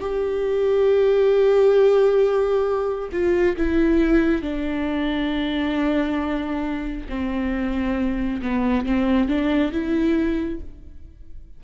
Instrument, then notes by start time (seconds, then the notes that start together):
viola
0.00 G4
3.12 F4
3.57 E4
4.42 D4
7.09 C4
8.42 B3
8.86 C4
9.28 D4
9.72 E4